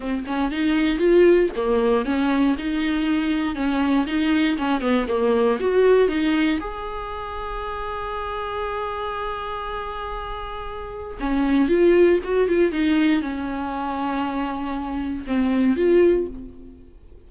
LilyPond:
\new Staff \with { instrumentName = "viola" } { \time 4/4 \tempo 4 = 118 c'8 cis'8 dis'4 f'4 ais4 | cis'4 dis'2 cis'4 | dis'4 cis'8 b8 ais4 fis'4 | dis'4 gis'2.~ |
gis'1~ | gis'2 cis'4 f'4 | fis'8 f'8 dis'4 cis'2~ | cis'2 c'4 f'4 | }